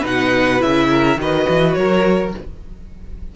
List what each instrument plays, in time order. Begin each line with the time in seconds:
0.00 cello B2, viola D#4, violin B4
0.07 violin F#5
0.59 cello C#3, viola E4, violin E5
0.90 violin A#4
1.17 cello D#3, viola F#4, violin B4 D#5
1.49 cello E3
1.73 cello F#3, violin A#4 C#5